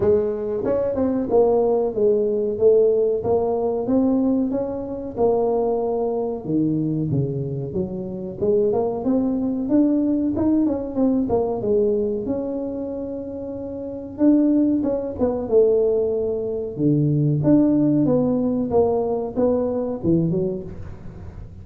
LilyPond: \new Staff \with { instrumentName = "tuba" } { \time 4/4 \tempo 4 = 93 gis4 cis'8 c'8 ais4 gis4 | a4 ais4 c'4 cis'4 | ais2 dis4 cis4 | fis4 gis8 ais8 c'4 d'4 |
dis'8 cis'8 c'8 ais8 gis4 cis'4~ | cis'2 d'4 cis'8 b8 | a2 d4 d'4 | b4 ais4 b4 e8 fis8 | }